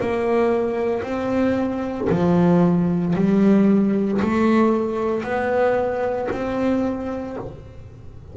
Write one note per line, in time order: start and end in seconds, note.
0.00 1.02 A#3
1.02 2.08 C4
2.09 3.14 F3
3.15 4.20 G3
4.21 5.23 A3
5.23 6.28 B3
6.31 7.36 C4